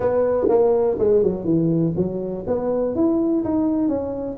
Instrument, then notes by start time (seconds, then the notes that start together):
tuba
0.00 B3
0.49 A#3
0.99 G#3
1.23 F#3
1.44 E3
1.96 F#3
2.46 B3
2.95 E4
3.44 D#4
3.88 C#4